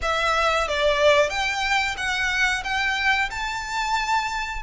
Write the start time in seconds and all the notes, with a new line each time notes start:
0.02 E5
0.67 D5
1.29 G5
1.97 F#5
2.63 G5
3.30 A5